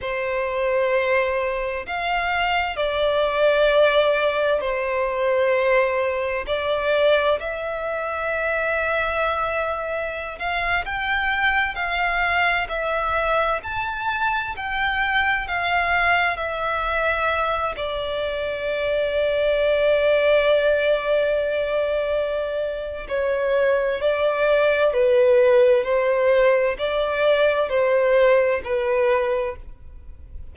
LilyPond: \new Staff \with { instrumentName = "violin" } { \time 4/4 \tempo 4 = 65 c''2 f''4 d''4~ | d''4 c''2 d''4 | e''2.~ e''16 f''8 g''16~ | g''8. f''4 e''4 a''4 g''16~ |
g''8. f''4 e''4. d''8.~ | d''1~ | d''4 cis''4 d''4 b'4 | c''4 d''4 c''4 b'4 | }